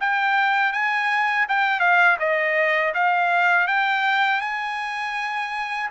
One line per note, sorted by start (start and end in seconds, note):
0.00 0.72 G5
0.72 1.46 G#5
1.48 1.79 G5
1.79 2.16 F5
2.19 2.93 D#5
2.94 3.67 F5
3.67 4.41 G5
4.41 5.89 G#5